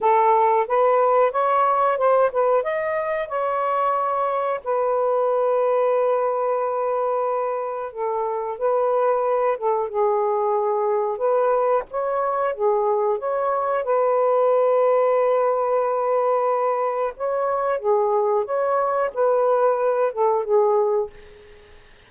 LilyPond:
\new Staff \with { instrumentName = "saxophone" } { \time 4/4 \tempo 4 = 91 a'4 b'4 cis''4 c''8 b'8 | dis''4 cis''2 b'4~ | b'1 | a'4 b'4. a'8 gis'4~ |
gis'4 b'4 cis''4 gis'4 | cis''4 b'2.~ | b'2 cis''4 gis'4 | cis''4 b'4. a'8 gis'4 | }